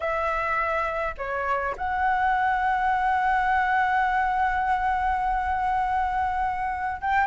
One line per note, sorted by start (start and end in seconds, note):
0.00 1.15 E5
1.17 1.75 C#5
1.77 7.01 F#5
7.01 7.27 G5